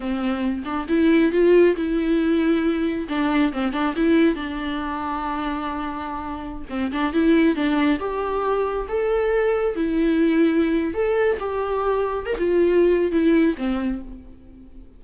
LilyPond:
\new Staff \with { instrumentName = "viola" } { \time 4/4 \tempo 4 = 137 c'4. d'8 e'4 f'4 | e'2. d'4 | c'8 d'8 e'4 d'2~ | d'2.~ d'16 c'8 d'16~ |
d'16 e'4 d'4 g'4.~ g'16~ | g'16 a'2 e'4.~ e'16~ | e'4 a'4 g'2 | ais'16 f'4.~ f'16 e'4 c'4 | }